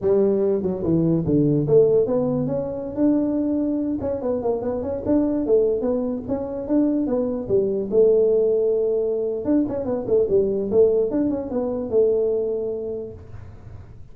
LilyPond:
\new Staff \with { instrumentName = "tuba" } { \time 4/4 \tempo 4 = 146 g4. fis8 e4 d4 | a4 b4 cis'4~ cis'16 d'8.~ | d'4.~ d'16 cis'8 b8 ais8 b8 cis'16~ | cis'16 d'4 a4 b4 cis'8.~ |
cis'16 d'4 b4 g4 a8.~ | a2. d'8 cis'8 | b8 a8 g4 a4 d'8 cis'8 | b4 a2. | }